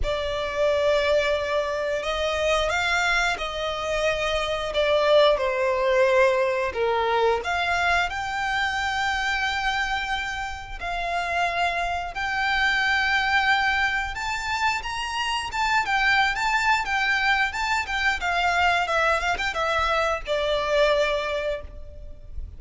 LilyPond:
\new Staff \with { instrumentName = "violin" } { \time 4/4 \tempo 4 = 89 d''2. dis''4 | f''4 dis''2 d''4 | c''2 ais'4 f''4 | g''1 |
f''2 g''2~ | g''4 a''4 ais''4 a''8 g''8~ | g''16 a''8. g''4 a''8 g''8 f''4 | e''8 f''16 g''16 e''4 d''2 | }